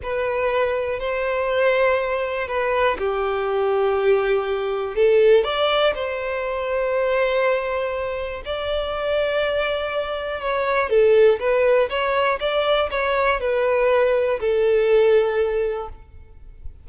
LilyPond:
\new Staff \with { instrumentName = "violin" } { \time 4/4 \tempo 4 = 121 b'2 c''2~ | c''4 b'4 g'2~ | g'2 a'4 d''4 | c''1~ |
c''4 d''2.~ | d''4 cis''4 a'4 b'4 | cis''4 d''4 cis''4 b'4~ | b'4 a'2. | }